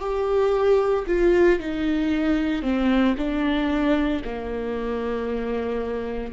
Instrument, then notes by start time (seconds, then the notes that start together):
viola
0.00 G4
1.08 F4
1.60 D#4
2.63 C4
3.18 D4
4.25 A#3